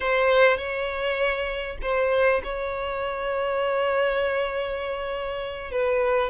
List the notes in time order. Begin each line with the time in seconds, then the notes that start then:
0.00 C5
0.57 C#5
1.81 C5
2.43 C#5
5.71 B4